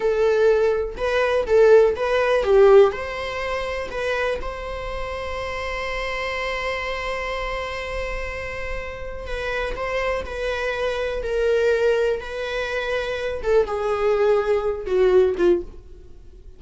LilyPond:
\new Staff \with { instrumentName = "viola" } { \time 4/4 \tempo 4 = 123 a'2 b'4 a'4 | b'4 g'4 c''2 | b'4 c''2.~ | c''1~ |
c''2. b'4 | c''4 b'2 ais'4~ | ais'4 b'2~ b'8 a'8 | gis'2~ gis'8 fis'4 f'8 | }